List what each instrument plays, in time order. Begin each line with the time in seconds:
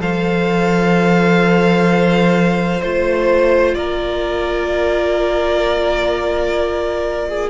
0.00 cello F3, viola A4, violin C5 F5
2.82 cello A3, viola F4, violin C5
3.75 cello A#3, violin A#4 D5
7.29 violin G#4